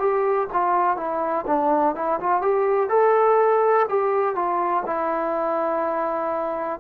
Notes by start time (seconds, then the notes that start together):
0.00 G4
0.53 F4
0.97 E4
1.47 D4
1.96 E4
2.20 F4
2.42 G4
2.90 A4
3.89 G4
4.35 F4
4.87 E4